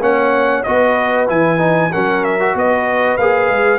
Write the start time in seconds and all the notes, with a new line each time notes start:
0.00 A#3 C#4 C#5 F#5
0.64 B3 F#4 B4 D#5
1.28 E3 E4 G#5
1.59 D#4
1.93 F#3 C#4 A#4 F#5
2.24 E5
2.40 F#4
2.55 B3 B4 D#5
3.18 A#3 G#4 F5
3.49 G#3